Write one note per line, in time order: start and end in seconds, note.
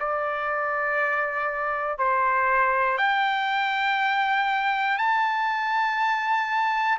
0.00 1.98 D5
1.98 2.97 C5
2.97 4.97 G5
4.98 6.98 A5